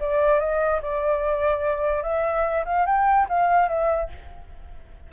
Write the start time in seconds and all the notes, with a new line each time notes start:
0.00 D5
0.40 D#5
0.82 D5
2.03 E5
2.65 F5
2.86 G5
3.29 F5
3.68 E5